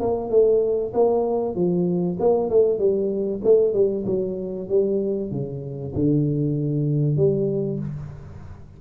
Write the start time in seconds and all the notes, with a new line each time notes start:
0.00 A#3
0.30 A3
0.94 A#3
1.55 F3
2.20 A#3
2.50 A3
2.79 G3
3.44 A3
3.74 G3
4.07 F#3
4.69 G3
5.31 C#3
5.95 D3
7.17 G3